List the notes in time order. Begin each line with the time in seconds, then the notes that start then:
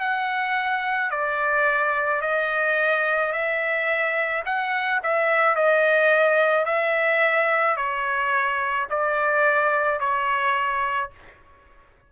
0.00 F#5
1.11 D5
2.22 D#5
3.32 E5
4.45 F#5
5.03 E5
5.56 D#5
6.66 E5
7.77 C#5
8.90 D5
10.00 C#5